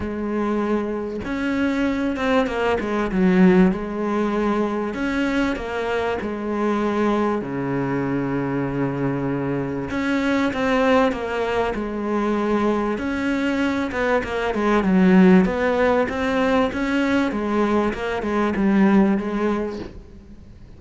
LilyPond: \new Staff \with { instrumentName = "cello" } { \time 4/4 \tempo 4 = 97 gis2 cis'4. c'8 | ais8 gis8 fis4 gis2 | cis'4 ais4 gis2 | cis1 |
cis'4 c'4 ais4 gis4~ | gis4 cis'4. b8 ais8 gis8 | fis4 b4 c'4 cis'4 | gis4 ais8 gis8 g4 gis4 | }